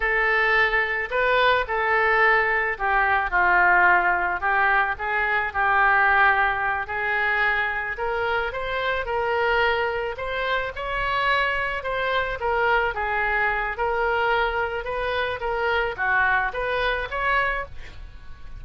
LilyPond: \new Staff \with { instrumentName = "oboe" } { \time 4/4 \tempo 4 = 109 a'2 b'4 a'4~ | a'4 g'4 f'2 | g'4 gis'4 g'2~ | g'8 gis'2 ais'4 c''8~ |
c''8 ais'2 c''4 cis''8~ | cis''4. c''4 ais'4 gis'8~ | gis'4 ais'2 b'4 | ais'4 fis'4 b'4 cis''4 | }